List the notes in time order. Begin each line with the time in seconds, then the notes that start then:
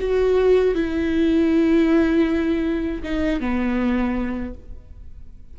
0.00 F#4
0.75 E4
3.03 D#4
3.40 B3